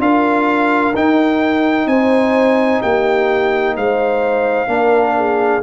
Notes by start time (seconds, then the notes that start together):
0.00 D4 F4 A#4 F5
0.95 D#4 G5
1.87 C4 C5 G#5
2.82 A#3 G4 G5
3.76 G#3 C5 F5
4.68 A#3 D4 A#4
5.17 G#4